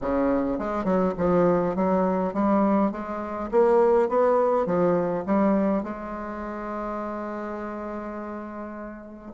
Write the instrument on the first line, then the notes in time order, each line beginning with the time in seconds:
bassoon
0.01 C#3
0.58 G#3
0.84 F#3
1.17 F3
1.75 F#3
2.33 G3
2.91 G#3
3.51 A#3
4.08 B3
4.66 F3
5.26 G3
5.83 G#3